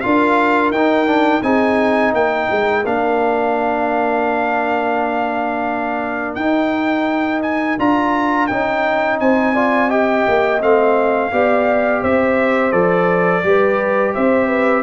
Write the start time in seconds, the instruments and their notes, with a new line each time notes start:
0.00 tuba D4, trombone F4, horn A#4, trumpet F5
0.71 tuba D#4, trombone D#4, trumpet G5
1.06 trombone D4
1.42 tuba C4, trombone D#4, horn G#4, trumpet G#5
2.13 tuba A#3, horn A#4, trumpet G5
2.51 tuba G#3
2.84 tuba A#3, trombone D4, trumpet F5
6.35 tuba D#4, trombone D#4, trumpet G5
7.42 trumpet G#5
7.78 tuba D4, trombone F4, trumpet A#5
8.47 tuba C#4, trombone D#4, trumpet G5
9.19 tuba C4, horn C5, trumpet G#5
9.54 trombone F4, horn D5
9.89 trombone G4, horn D#5, trumpet G5
10.28 tuba A#3
10.60 tuba A3, trombone C4, trumpet F5
11.31 tuba B3, trombone G4, horn D5
12.01 tuba C4, horn C5, trumpet E5
12.71 tuba F3, trombone A4, trumpet D5
13.43 tuba G3, trombone G4, horn B4
14.14 tuba C4, horn C5, trumpet E5
14.47 horn B4